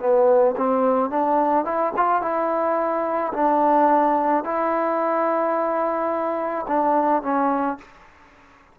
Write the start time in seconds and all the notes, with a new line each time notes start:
0.00 B3
0.57 C4
1.10 D4
1.65 E4
1.96 F4
2.22 E4
3.34 D4
4.44 E4
6.68 D4
7.23 C#4